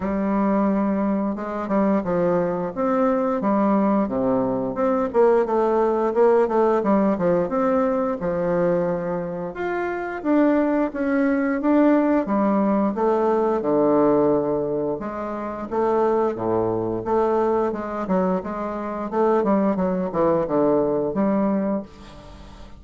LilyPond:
\new Staff \with { instrumentName = "bassoon" } { \time 4/4 \tempo 4 = 88 g2 gis8 g8 f4 | c'4 g4 c4 c'8 ais8 | a4 ais8 a8 g8 f8 c'4 | f2 f'4 d'4 |
cis'4 d'4 g4 a4 | d2 gis4 a4 | a,4 a4 gis8 fis8 gis4 | a8 g8 fis8 e8 d4 g4 | }